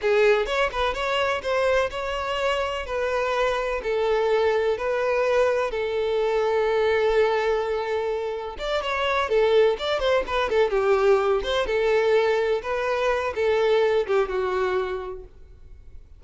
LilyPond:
\new Staff \with { instrumentName = "violin" } { \time 4/4 \tempo 4 = 126 gis'4 cis''8 b'8 cis''4 c''4 | cis''2 b'2 | a'2 b'2 | a'1~ |
a'2 d''8 cis''4 a'8~ | a'8 d''8 c''8 b'8 a'8 g'4. | c''8 a'2 b'4. | a'4. g'8 fis'2 | }